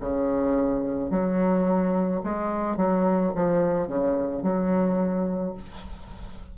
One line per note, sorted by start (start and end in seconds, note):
0.00 1.11 C#3
1.11 2.22 F#3
2.24 2.77 G#3
2.77 3.32 F#3
3.35 3.88 F3
3.88 4.42 C#3
4.42 5.54 F#3